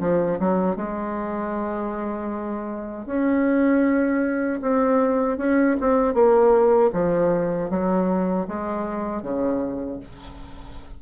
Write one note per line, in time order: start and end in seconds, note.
0.00 0.38 F3
0.39 0.76 F#3
0.76 3.06 G#3
3.06 4.60 C#4
4.62 5.38 C4
5.38 5.76 C#4
5.81 6.14 C4
6.14 6.91 A#3
6.93 7.70 F3
7.70 8.47 F#3
8.48 9.23 G#3
9.23 10.00 C#3